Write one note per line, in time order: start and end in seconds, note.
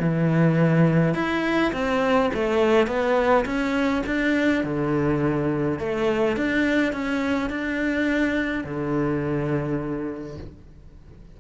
0.00 1.15 E3
1.15 1.72 E4
1.73 2.31 C4
2.34 2.87 A3
2.87 3.45 B3
3.46 4.03 C#4
4.06 4.64 D4
4.64 5.79 D3
5.79 6.37 A3
6.37 6.93 D4
6.93 7.50 C#4
7.50 8.65 D4
8.65 10.38 D3